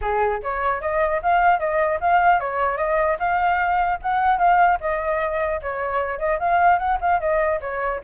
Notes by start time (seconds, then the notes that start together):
0.01 G#4
0.43 C#5
0.81 D#5
1.22 F5
1.59 D#5
2.00 F5
2.39 C#5
2.77 D#5
3.19 F5
4.02 F#5
4.38 F5
4.80 D#5
5.62 C#5
6.19 D#5
6.39 F5
6.78 F#5
7.00 F5
7.20 D#5
7.60 C#5